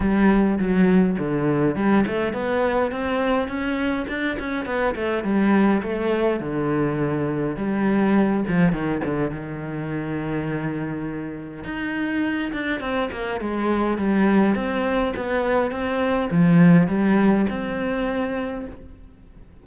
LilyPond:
\new Staff \with { instrumentName = "cello" } { \time 4/4 \tempo 4 = 103 g4 fis4 d4 g8 a8 | b4 c'4 cis'4 d'8 cis'8 | b8 a8 g4 a4 d4~ | d4 g4. f8 dis8 d8 |
dis1 | dis'4. d'8 c'8 ais8 gis4 | g4 c'4 b4 c'4 | f4 g4 c'2 | }